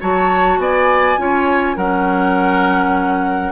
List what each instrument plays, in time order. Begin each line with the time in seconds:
0.00 bassoon F#3, clarinet F#4, oboe C#5, flute A5
0.58 bassoon B3, oboe D5, flute G#5
1.17 bassoon C#4, clarinet F4, oboe C#5
1.76 bassoon F#3, clarinet C#4, oboe A#4, flute F#5